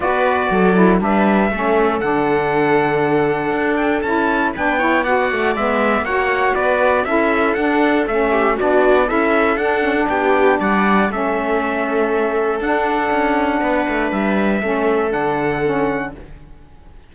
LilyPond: <<
  \new Staff \with { instrumentName = "trumpet" } { \time 4/4 \tempo 4 = 119 d''2 e''2 | fis''2.~ fis''8 g''8 | a''4 g''4 fis''4 e''4 | fis''4 d''4 e''4 fis''4 |
e''4 d''4 e''4 fis''4 | g''4 fis''4 e''2~ | e''4 fis''2. | e''2 fis''2 | }
  \new Staff \with { instrumentName = "viola" } { \time 4/4 b'4 a'4 b'4 a'4~ | a'1~ | a'4 b'8 cis''8 d''2 | cis''4 b'4 a'2~ |
a'8 g'8 fis'4 a'2 | g'4 d''4 a'2~ | a'2. b'4~ | b'4 a'2. | }
  \new Staff \with { instrumentName = "saxophone" } { \time 4/4 fis'4. e'8 d'4 cis'4 | d'1 | e'4 d'8 e'8 fis'4 b4 | fis'2 e'4 d'4 |
cis'4 d'4 e'4 d'8 cis'16 d'16~ | d'2 cis'2~ | cis'4 d'2.~ | d'4 cis'4 d'4 cis'4 | }
  \new Staff \with { instrumentName = "cello" } { \time 4/4 b4 fis4 g4 a4 | d2. d'4 | cis'4 b4. a8 gis4 | ais4 b4 cis'4 d'4 |
a4 b4 cis'4 d'4 | b4 g4 a2~ | a4 d'4 cis'4 b8 a8 | g4 a4 d2 | }
>>